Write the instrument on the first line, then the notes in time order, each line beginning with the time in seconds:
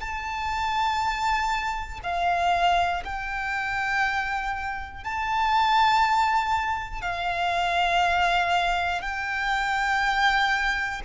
violin
0.00 A5
2.04 F5
3.05 G5
5.05 A5
7.02 F5
9.02 G5